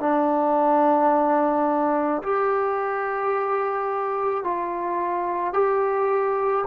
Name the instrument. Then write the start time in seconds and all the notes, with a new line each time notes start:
trombone
0.00 D4
2.23 G4
4.44 F4
5.54 G4